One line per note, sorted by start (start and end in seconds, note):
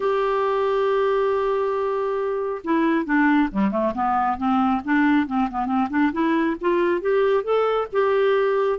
0.00 2.62 G4
2.64 3.05 E4
3.05 3.49 D4
3.51 3.71 G3
3.71 3.93 A3
3.94 4.37 B3
4.37 4.81 C4
4.84 5.26 D4
5.26 5.48 C4
5.50 5.66 B3
5.66 5.87 C4
5.90 6.12 D4
6.12 6.56 E4
6.60 7.01 F4
7.01 7.43 G4
7.43 7.87 A4
7.92 8.79 G4